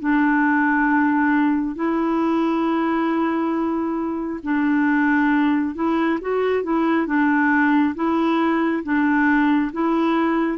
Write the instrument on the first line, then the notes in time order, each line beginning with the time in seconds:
clarinet
0.00 D4
1.76 E4
4.43 D4
5.75 E4
6.22 F#4
6.63 E4
7.07 D4
7.95 E4
8.84 D4
9.73 E4